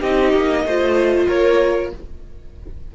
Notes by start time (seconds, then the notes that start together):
0.00 C4 D#4 G4 D#5
0.33 A#3
0.65 A3 F4 C5
1.28 A#3 A#4 C#5